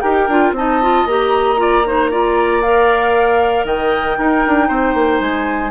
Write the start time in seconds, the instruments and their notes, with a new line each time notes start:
0.00 bassoon D#4, clarinet G4, oboe A#4, flute G5
0.27 bassoon D4, clarinet F4
0.51 bassoon C4, clarinet D#4, flute A5
0.58 oboe D#5
0.82 clarinet F4
1.05 bassoon A#3, clarinet G4, flute A#5
1.56 clarinet F4, oboe D5
1.86 clarinet D#4, oboe C5
2.11 clarinet F4, oboe D5
2.61 clarinet A#4, flute F5
3.64 bassoon D#3, oboe D#5, flute G5
4.18 clarinet D#4, bassoon D#4, oboe A#4
4.46 bassoon D4
4.67 bassoon C4, oboe C5
4.94 bassoon A#3
5.19 bassoon G#3, flute G#5